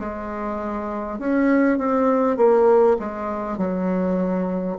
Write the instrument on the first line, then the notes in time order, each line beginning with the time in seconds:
bassoon
0.00 G#3
1.19 C#4
1.79 C4
2.37 A#3
3.00 G#3
3.58 F#3